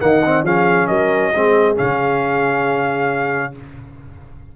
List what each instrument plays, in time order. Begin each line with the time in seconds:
0.00 tuba D#3, trombone A#3, horn D#5, trumpet F#5
0.25 trombone C4
0.43 tuba F3, trombone C#4, horn G#4, trumpet F5
0.87 tuba F#3, horn A#4, trumpet D#5
1.34 tuba G#3, trombone C4, horn G#4
1.76 tuba C#3, trombone C#4, trumpet F5